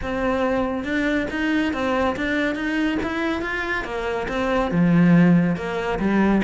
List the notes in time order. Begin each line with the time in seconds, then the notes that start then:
0.02 C4
0.84 D4
1.30 D#4
1.73 C4
2.16 D4
2.55 D#4
3.02 E4
3.41 F4
3.84 A#3
4.28 C4
4.71 F3
5.56 A#3
5.99 G3